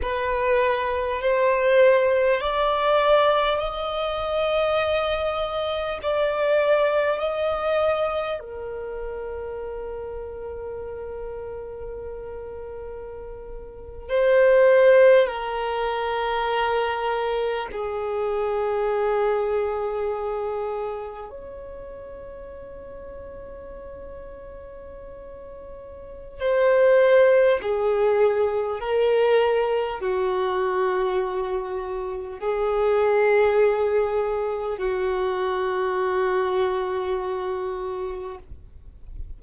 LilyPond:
\new Staff \with { instrumentName = "violin" } { \time 4/4 \tempo 4 = 50 b'4 c''4 d''4 dis''4~ | dis''4 d''4 dis''4 ais'4~ | ais'2.~ ais'8. c''16~ | c''8. ais'2 gis'4~ gis'16~ |
gis'4.~ gis'16 cis''2~ cis''16~ | cis''2 c''4 gis'4 | ais'4 fis'2 gis'4~ | gis'4 fis'2. | }